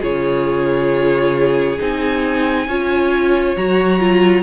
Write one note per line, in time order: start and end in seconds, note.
0.00 1.78 C#3
0.00 1.77 F4
0.00 2.65 G#4
0.00 1.79 C#5
1.79 2.67 C4
1.79 2.67 D#4
1.79 3.56 G#5
2.67 3.55 C#4
2.67 3.57 F4
2.67 4.42 C#5
3.56 4.42 F#3
3.56 3.99 F#4
3.56 4.42 A#5
3.99 4.42 F4